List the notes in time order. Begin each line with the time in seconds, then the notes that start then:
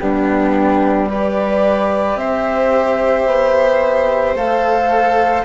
0.00 G3 B3 D4 G4
1.09 G4 B4 D5
2.16 C4 C5 E5
3.27 B3
4.35 A3 A4 F5